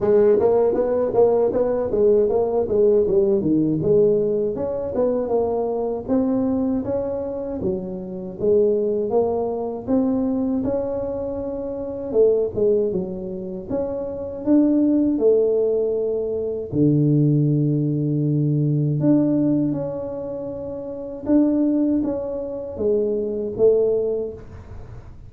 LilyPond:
\new Staff \with { instrumentName = "tuba" } { \time 4/4 \tempo 4 = 79 gis8 ais8 b8 ais8 b8 gis8 ais8 gis8 | g8 dis8 gis4 cis'8 b8 ais4 | c'4 cis'4 fis4 gis4 | ais4 c'4 cis'2 |
a8 gis8 fis4 cis'4 d'4 | a2 d2~ | d4 d'4 cis'2 | d'4 cis'4 gis4 a4 | }